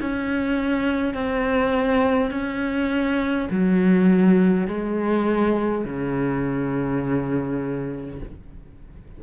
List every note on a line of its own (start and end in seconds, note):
0.00 1.14 C#4
1.14 2.30 C4
2.30 3.48 C#4
3.50 4.67 F#3
4.67 5.84 G#3
5.84 8.20 C#3